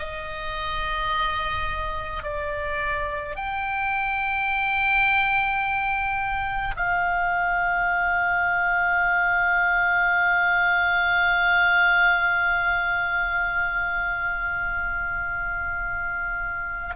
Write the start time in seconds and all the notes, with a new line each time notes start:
0.00 D#5
2.23 D5
3.36 G5
6.77 F5